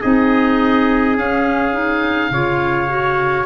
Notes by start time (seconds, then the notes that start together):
0.00 C4 D#4 G#4 D#5
1.15 C#4 F5
1.73 D#4
2.30 C#3 F4 C#5
2.87 F#4